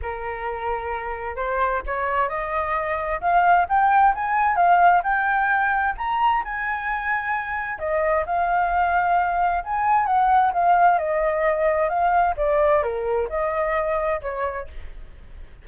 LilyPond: \new Staff \with { instrumentName = "flute" } { \time 4/4 \tempo 4 = 131 ais'2. c''4 | cis''4 dis''2 f''4 | g''4 gis''4 f''4 g''4~ | g''4 ais''4 gis''2~ |
gis''4 dis''4 f''2~ | f''4 gis''4 fis''4 f''4 | dis''2 f''4 d''4 | ais'4 dis''2 cis''4 | }